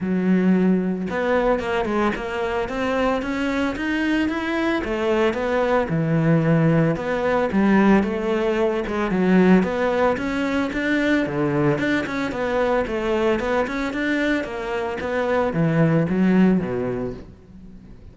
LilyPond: \new Staff \with { instrumentName = "cello" } { \time 4/4 \tempo 4 = 112 fis2 b4 ais8 gis8 | ais4 c'4 cis'4 dis'4 | e'4 a4 b4 e4~ | e4 b4 g4 a4~ |
a8 gis8 fis4 b4 cis'4 | d'4 d4 d'8 cis'8 b4 | a4 b8 cis'8 d'4 ais4 | b4 e4 fis4 b,4 | }